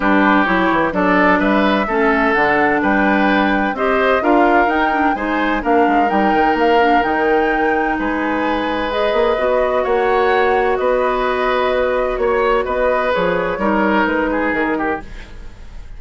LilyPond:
<<
  \new Staff \with { instrumentName = "flute" } { \time 4/4 \tempo 4 = 128 b'4 cis''4 d''4 e''4~ | e''4 fis''4 g''2 | dis''4 f''4 g''4 gis''4 | f''4 g''4 f''4 g''4~ |
g''4 gis''2 dis''4~ | dis''4 fis''2 dis''4~ | dis''2 cis''4 dis''4 | cis''2 b'4 ais'4 | }
  \new Staff \with { instrumentName = "oboe" } { \time 4/4 g'2 a'4 b'4 | a'2 b'2 | c''4 ais'2 c''4 | ais'1~ |
ais'4 b'2.~ | b'4 cis''2 b'4~ | b'2 cis''4 b'4~ | b'4 ais'4. gis'4 g'8 | }
  \new Staff \with { instrumentName = "clarinet" } { \time 4/4 d'4 e'4 d'2 | cis'4 d'2. | g'4 f'4 dis'8 d'8 dis'4 | d'4 dis'4. d'8 dis'4~ |
dis'2. gis'4 | fis'1~ | fis'1 | gis'4 dis'2. | }
  \new Staff \with { instrumentName = "bassoon" } { \time 4/4 g4 fis8 e8 fis4 g4 | a4 d4 g2 | c'4 d'4 dis'4 gis4 | ais8 gis8 g8 dis8 ais4 dis4~ |
dis4 gis2~ gis8 ais8 | b4 ais2 b4~ | b2 ais4 b4 | f4 g4 gis4 dis4 | }
>>